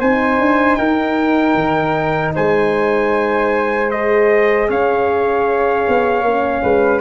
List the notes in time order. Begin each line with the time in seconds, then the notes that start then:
0.00 C4 D#4 C5 G#5
0.39 D4
0.76 D#4 A#4 G5
1.55 D#3
2.35 G#3 C5 G#5
3.91 G#4 D#5
4.69 C#4 C#5 F5
5.88 B3
6.23 A#3 C#4
6.63 G#3 B4